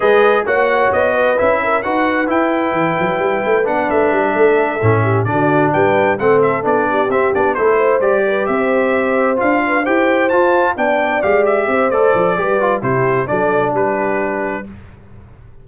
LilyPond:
<<
  \new Staff \with { instrumentName = "trumpet" } { \time 4/4 \tempo 4 = 131 dis''4 fis''4 dis''4 e''4 | fis''4 g''2. | fis''8 e''2. d''8~ | d''8 g''4 fis''8 e''8 d''4 e''8 |
d''8 c''4 d''4 e''4.~ | e''8 f''4 g''4 a''4 g''8~ | g''8 f''8 e''4 d''2 | c''4 d''4 b'2 | }
  \new Staff \with { instrumentName = "horn" } { \time 4/4 b'4 cis''4. b'4 ais'8 | b'1~ | b'4. a'4. g'8 fis'8~ | fis'8 b'4 a'4. g'4~ |
g'8 a'8 c''4 b'8 c''4.~ | c''4 b'8 c''2 d''8~ | d''4. c''4. b'4 | g'4 a'4 g'2 | }
  \new Staff \with { instrumentName = "trombone" } { \time 4/4 gis'4 fis'2 e'4 | fis'4 e'2. | d'2~ d'8 cis'4 d'8~ | d'4. c'4 d'4 c'8 |
d'8 e'4 g'2~ g'8~ | g'8 f'4 g'4 f'4 d'8~ | d'8 g'4. a'4 g'8 f'8 | e'4 d'2. | }
  \new Staff \with { instrumentName = "tuba" } { \time 4/4 gis4 ais4 b4 cis'4 | dis'4 e'4 e8 fis8 g8 a8 | b8 a8 g8 a4 a,4 d8~ | d8 g4 a4 b4 c'8 |
b8 a4 g4 c'4.~ | c'8 d'4 e'4 f'4 b8~ | b8 gis4 c'8 a8 f8 g4 | c4 fis4 g2 | }
>>